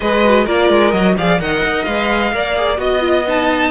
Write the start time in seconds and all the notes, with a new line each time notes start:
0.00 G#3 G#4 B4 D#5
0.24 F#4
0.44 A#3 F4 A#4 D5
0.69 G#3
0.91 F#3 F#4 D#5
1.17 F3 G#4 D5 F5
1.40 D#3 A#4 D#5 F#5
1.64 D#4
1.84 G#3 B4 F5
2.32 A#3 A#4 D5
2.56 G#4
2.77 B3 F#4 D#5
2.99 F4
3.27 D#4 A5